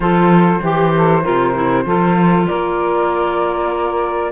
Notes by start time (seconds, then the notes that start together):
0.00 F3 F4 A4 C5
0.61 E3 G4
0.96 A4
1.22 C3 F4 A#4
1.54 E4
1.85 F3 F4 A4
2.46 A#3 A#4 D5